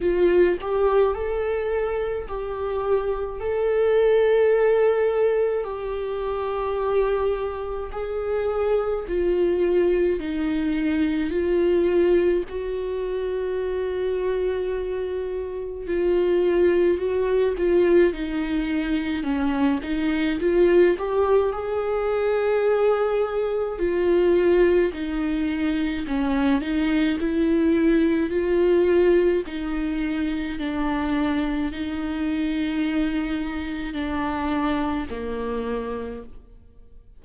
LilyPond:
\new Staff \with { instrumentName = "viola" } { \time 4/4 \tempo 4 = 53 f'8 g'8 a'4 g'4 a'4~ | a'4 g'2 gis'4 | f'4 dis'4 f'4 fis'4~ | fis'2 f'4 fis'8 f'8 |
dis'4 cis'8 dis'8 f'8 g'8 gis'4~ | gis'4 f'4 dis'4 cis'8 dis'8 | e'4 f'4 dis'4 d'4 | dis'2 d'4 ais4 | }